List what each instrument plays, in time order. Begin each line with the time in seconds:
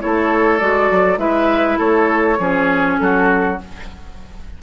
0.00 bassoon A3, clarinet E4, oboe A4, flute C#5
0.59 bassoon G#3, clarinet F#4, flute D5
0.91 bassoon F#3
1.18 bassoon G#3, clarinet E4, oboe B4, flute E5
1.78 bassoon A3, oboe A4, flute C#5
2.39 bassoon F3, clarinet C#4, oboe G#4
2.99 bassoon F#3, oboe F#4, flute A4